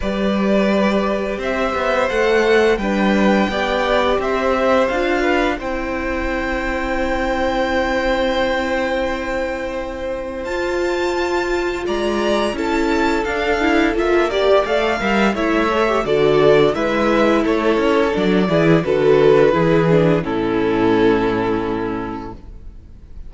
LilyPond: <<
  \new Staff \with { instrumentName = "violin" } { \time 4/4 \tempo 4 = 86 d''2 e''4 fis''4 | g''2 e''4 f''4 | g''1~ | g''2. a''4~ |
a''4 ais''4 a''4 f''4 | e''8 d''8 f''4 e''4 d''4 | e''4 cis''4 d''4 b'4~ | b'4 a'2. | }
  \new Staff \with { instrumentName = "violin" } { \time 4/4 b'2 c''2 | b'4 d''4 c''4. b'8 | c''1~ | c''1~ |
c''4 d''4 a'2~ | a'8 d''4 e''8 cis''4 a'4 | b'4 a'4. gis'8 a'4 | gis'4 e'2. | }
  \new Staff \with { instrumentName = "viola" } { \time 4/4 g'2. a'4 | d'4 g'2 f'4 | e'1~ | e'2. f'4~ |
f'2 e'4 d'8 e'8 | f'8 g'8 a'8 ais'8 e'8 a'16 g'16 fis'4 | e'2 d'8 e'8 fis'4 | e'8 d'8 cis'2. | }
  \new Staff \with { instrumentName = "cello" } { \time 4/4 g2 c'8 b8 a4 | g4 b4 c'4 d'4 | c'1~ | c'2. f'4~ |
f'4 gis4 cis'4 d'4 | ais4 a8 g8 a4 d4 | gis4 a8 cis'8 fis8 e8 d4 | e4 a,2. | }
>>